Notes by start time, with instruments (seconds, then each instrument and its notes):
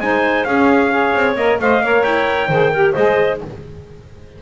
0.00 double bass G#3, saxophone D#4, clarinet C5, trumpet G#5
0.44 double bass C#4, saxophone C#4, clarinet G#4, trumpet F5
0.90 saxophone G#4, clarinet C#5
1.14 double bass C4
1.36 double bass A#3, saxophone A#4, trumpet D#5
1.59 double bass A3, saxophone C5, clarinet D#5, trumpet F5
1.81 double bass A#3, saxophone A#4, clarinet C#5
2.03 double bass E4, trumpet G5
2.48 double bass D#3, saxophone G#4, clarinet C5
2.73 saxophone G4, clarinet A#4
2.93 double bass G#3, saxophone G#4, clarinet C5, trumpet D#5